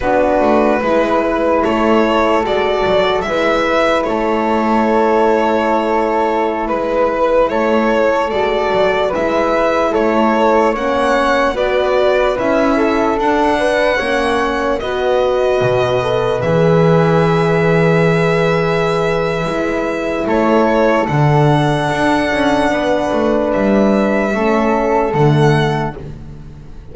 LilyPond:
<<
  \new Staff \with { instrumentName = "violin" } { \time 4/4 \tempo 4 = 74 b'2 cis''4 d''4 | e''4 cis''2.~ | cis''16 b'4 cis''4 d''4 e''8.~ | e''16 cis''4 fis''4 d''4 e''8.~ |
e''16 fis''2 dis''4.~ dis''16~ | dis''16 e''2.~ e''8.~ | e''4 cis''4 fis''2~ | fis''4 e''2 fis''4 | }
  \new Staff \with { instrumentName = "flute" } { \time 4/4 fis'4 b'4 a'2 | b'4 a'2.~ | a'16 b'4 a'2 b'8.~ | b'16 a'4 cis''4 b'4. a'16~ |
a'8. b'8 cis''4 b'4.~ b'16~ | b'1~ | b'4 a'2. | b'2 a'2 | }
  \new Staff \with { instrumentName = "horn" } { \time 4/4 d'4 e'2 fis'4 | e'1~ | e'2~ e'16 fis'4 e'8.~ | e'4~ e'16 cis'4 fis'4 e'8.~ |
e'16 d'4 cis'4 fis'4. a'16~ | a'16 gis'2.~ gis'8. | e'2 d'2~ | d'2 cis'4 a4 | }
  \new Staff \with { instrumentName = "double bass" } { \time 4/4 b8 a8 gis4 a4 gis8 fis8 | gis4 a2.~ | a16 gis4 a4 gis8 fis8 gis8.~ | gis16 a4 ais4 b4 cis'8.~ |
cis'16 d'4 ais4 b4 b,8.~ | b,16 e2.~ e8. | gis4 a4 d4 d'8 cis'8 | b8 a8 g4 a4 d4 | }
>>